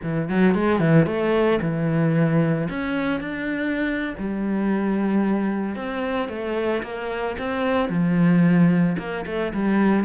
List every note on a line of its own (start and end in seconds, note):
0.02 0.28 E3
0.28 0.54 F#3
0.54 0.79 G#3
0.79 1.06 E3
1.06 1.59 A3
1.61 2.68 E3
2.69 3.20 C#4
3.20 4.14 D4
4.18 5.75 G3
5.75 6.28 C4
6.28 6.82 A3
6.83 7.36 A#3
7.38 7.89 C4
7.89 8.96 F3
8.98 9.25 A#3
9.26 9.52 A3
9.53 10.04 G3